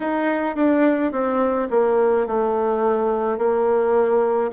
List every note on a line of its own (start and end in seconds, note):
0.00 0.55 D#4
0.55 1.12 D4
1.12 1.68 C4
1.70 2.26 A#3
2.26 3.38 A3
3.38 4.51 A#3